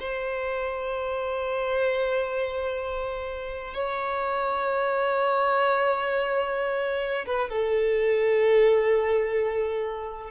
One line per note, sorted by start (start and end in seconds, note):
0.00 3.75 C5
3.75 7.26 C#5
7.27 7.50 B4
7.50 10.31 A4